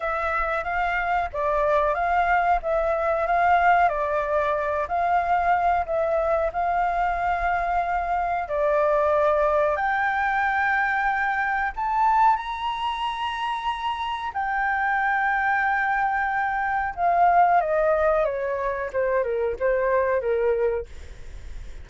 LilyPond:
\new Staff \with { instrumentName = "flute" } { \time 4/4 \tempo 4 = 92 e''4 f''4 d''4 f''4 | e''4 f''4 d''4. f''8~ | f''4 e''4 f''2~ | f''4 d''2 g''4~ |
g''2 a''4 ais''4~ | ais''2 g''2~ | g''2 f''4 dis''4 | cis''4 c''8 ais'8 c''4 ais'4 | }